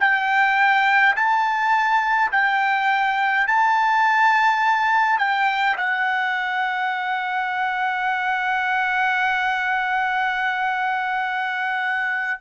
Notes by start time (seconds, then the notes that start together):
0.00 G5
1.16 A5
2.31 G5
3.47 A5
5.18 G5
5.77 F#5